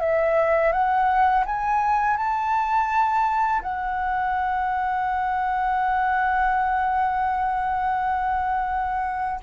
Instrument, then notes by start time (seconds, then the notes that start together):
flute
0.00 E5
0.72 F#5
1.46 G#5
2.17 A5
3.62 F#5